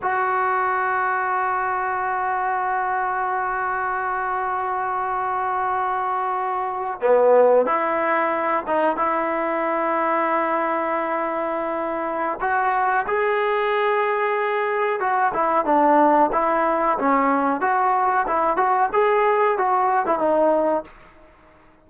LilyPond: \new Staff \with { instrumentName = "trombone" } { \time 4/4 \tempo 4 = 92 fis'1~ | fis'1~ | fis'2~ fis'8. b4 e'16~ | e'4~ e'16 dis'8 e'2~ e'16~ |
e'2. fis'4 | gis'2. fis'8 e'8 | d'4 e'4 cis'4 fis'4 | e'8 fis'8 gis'4 fis'8. e'16 dis'4 | }